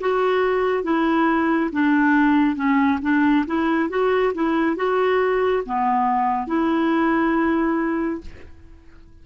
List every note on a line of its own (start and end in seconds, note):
0.00 0.83 F#4
0.83 1.70 E4
1.72 2.55 D4
2.55 2.99 C#4
3.02 3.45 D4
3.46 3.89 E4
3.89 4.32 F#4
4.34 4.76 E4
4.76 5.63 F#4
5.65 6.47 B3
6.47 8.21 E4